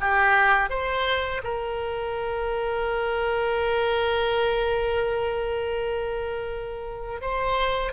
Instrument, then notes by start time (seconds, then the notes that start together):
oboe
0.00 G4
0.69 C5
1.43 A#4
7.21 C5